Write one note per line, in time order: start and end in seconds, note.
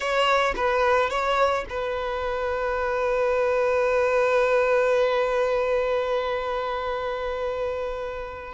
0.00 0.54 C#5
0.56 1.10 B4
1.10 1.65 C#5
1.69 8.53 B4